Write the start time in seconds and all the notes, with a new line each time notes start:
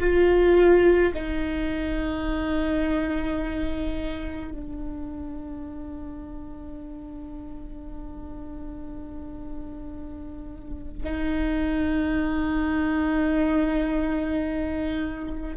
0.00 F4
1.14 D#4
4.52 D4
11.04 D#4